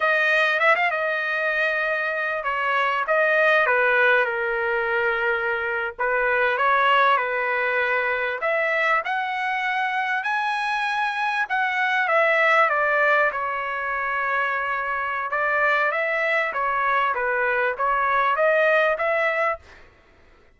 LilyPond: \new Staff \with { instrumentName = "trumpet" } { \time 4/4 \tempo 4 = 98 dis''4 e''16 f''16 dis''2~ dis''8 | cis''4 dis''4 b'4 ais'4~ | ais'4.~ ais'16 b'4 cis''4 b'16~ | b'4.~ b'16 e''4 fis''4~ fis''16~ |
fis''8. gis''2 fis''4 e''16~ | e''8. d''4 cis''2~ cis''16~ | cis''4 d''4 e''4 cis''4 | b'4 cis''4 dis''4 e''4 | }